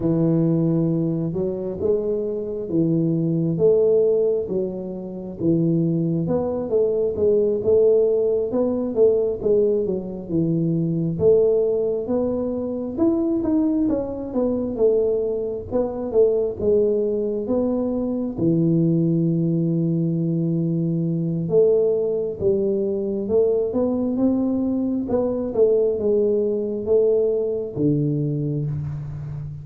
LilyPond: \new Staff \with { instrumentName = "tuba" } { \time 4/4 \tempo 4 = 67 e4. fis8 gis4 e4 | a4 fis4 e4 b8 a8 | gis8 a4 b8 a8 gis8 fis8 e8~ | e8 a4 b4 e'8 dis'8 cis'8 |
b8 a4 b8 a8 gis4 b8~ | b8 e2.~ e8 | a4 g4 a8 b8 c'4 | b8 a8 gis4 a4 d4 | }